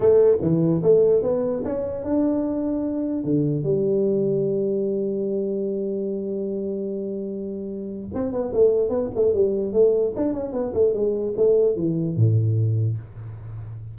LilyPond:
\new Staff \with { instrumentName = "tuba" } { \time 4/4 \tempo 4 = 148 a4 e4 a4 b4 | cis'4 d'2. | d4 g2.~ | g1~ |
g1 | c'8 b8 a4 b8 a8 g4 | a4 d'8 cis'8 b8 a8 gis4 | a4 e4 a,2 | }